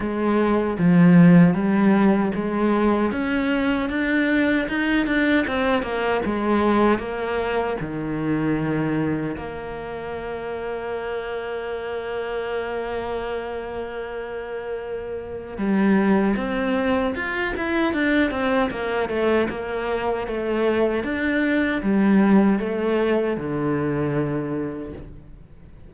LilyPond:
\new Staff \with { instrumentName = "cello" } { \time 4/4 \tempo 4 = 77 gis4 f4 g4 gis4 | cis'4 d'4 dis'8 d'8 c'8 ais8 | gis4 ais4 dis2 | ais1~ |
ais1 | g4 c'4 f'8 e'8 d'8 c'8 | ais8 a8 ais4 a4 d'4 | g4 a4 d2 | }